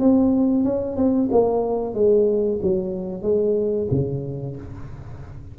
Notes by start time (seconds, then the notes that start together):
0.00 C4
0.64 C#4
0.97 C4
1.32 A#3
1.94 G#3
2.63 F#3
3.23 G#3
3.91 C#3